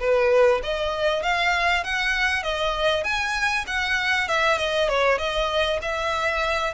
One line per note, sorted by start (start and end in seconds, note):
0.00 0.61 B4
0.63 1.23 D#5
1.23 1.84 F5
1.84 2.43 F#5
2.43 3.04 D#5
3.04 3.65 G#5
3.67 4.28 F#5
4.28 4.58 E5
4.58 4.89 D#5
4.89 5.18 C#5
5.18 5.80 D#5
5.82 6.74 E5